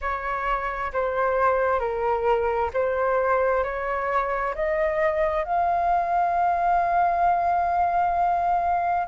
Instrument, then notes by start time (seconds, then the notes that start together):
flute
0.01 C#5
0.92 C5
1.79 A#4
2.73 C5
3.63 C#5
4.55 D#5
5.44 F5